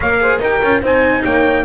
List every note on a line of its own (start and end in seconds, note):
0.00 0.39 A#3
0.00 0.20 A#4
0.00 0.20 C#5
0.00 0.42 F5
0.20 0.40 G#4
0.20 0.41 C5
0.39 0.59 D#4
0.39 0.62 G4
0.39 0.81 A#4
0.39 0.83 G5
0.61 0.81 C#4
0.61 0.82 F4
0.81 1.23 C4
0.81 1.64 D#4
0.81 1.23 C5
0.81 1.24 G#5
1.23 1.64 A#3
1.23 1.64 C#5
1.23 1.64 G5